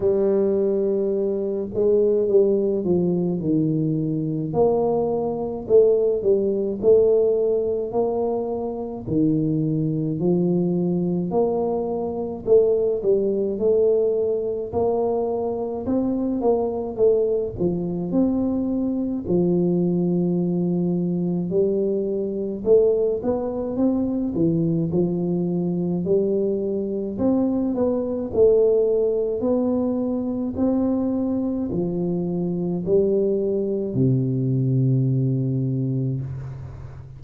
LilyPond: \new Staff \with { instrumentName = "tuba" } { \time 4/4 \tempo 4 = 53 g4. gis8 g8 f8 dis4 | ais4 a8 g8 a4 ais4 | dis4 f4 ais4 a8 g8 | a4 ais4 c'8 ais8 a8 f8 |
c'4 f2 g4 | a8 b8 c'8 e8 f4 g4 | c'8 b8 a4 b4 c'4 | f4 g4 c2 | }